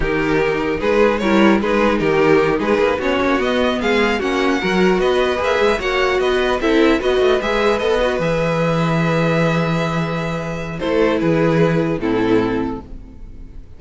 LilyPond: <<
  \new Staff \with { instrumentName = "violin" } { \time 4/4 \tempo 4 = 150 ais'2 b'4 cis''4 | b'4 ais'4. b'4 cis''8~ | cis''8 dis''4 f''4 fis''4.~ | fis''8 dis''4 e''4 fis''4 dis''8~ |
dis''8 e''4 dis''4 e''4 dis''8~ | dis''8 e''2.~ e''8~ | e''2. c''4 | b'2 a'2 | }
  \new Staff \with { instrumentName = "violin" } { \time 4/4 g'2 gis'4 ais'4 | gis'4 g'4. gis'4 fis'8~ | fis'4. gis'4 fis'4 ais'8~ | ais'8 b'2 cis''4 b'8~ |
b'8 a'4 b'2~ b'8~ | b'1~ | b'2. a'4 | gis'2 e'2 | }
  \new Staff \with { instrumentName = "viola" } { \time 4/4 dis'2. e'4 | dis'2.~ dis'8 cis'8~ | cis'8 b2 cis'4 fis'8~ | fis'4. gis'4 fis'4.~ |
fis'8 e'4 fis'4 gis'4 a'8 | fis'8 gis'2.~ gis'8~ | gis'2. e'4~ | e'2 c'2 | }
  \new Staff \with { instrumentName = "cello" } { \time 4/4 dis2 gis4 g4 | gis4 dis4. gis8 ais8 b8 | ais8 b4 gis4 ais4 fis8~ | fis8 b4 ais8 gis8 ais4 b8~ |
b8 c'4 b8 a8 gis4 b8~ | b8 e2.~ e8~ | e2. a4 | e2 a,2 | }
>>